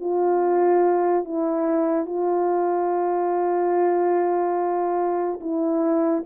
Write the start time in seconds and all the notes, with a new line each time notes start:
0.00 F4
1.25 E4
2.06 F4
5.41 E4